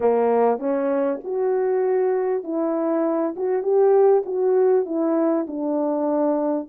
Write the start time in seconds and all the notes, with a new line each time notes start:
0.00 A#3
0.58 C#4
1.24 F#4
2.43 E4
3.36 F#4
3.62 G4
4.25 F#4
4.85 E4
5.47 D4